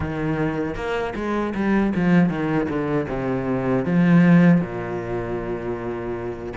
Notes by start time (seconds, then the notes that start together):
0.00 D#3
0.75 A#3
1.15 G#3
1.55 G3
1.95 F3
2.29 D#3
2.68 D3
3.08 C3
3.85 F3
4.60 A#2